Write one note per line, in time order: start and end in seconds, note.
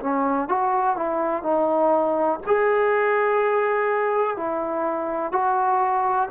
0.00 0.48 C#4
0.48 0.96 F#4
0.96 1.43 E4
1.43 2.39 D#4
2.46 4.36 G#4
4.36 5.32 E4
5.32 6.29 F#4